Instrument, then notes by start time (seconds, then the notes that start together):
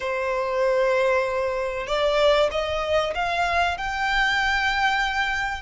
violin
0.00 C5
1.87 D5
2.51 D#5
3.14 F5
3.77 G5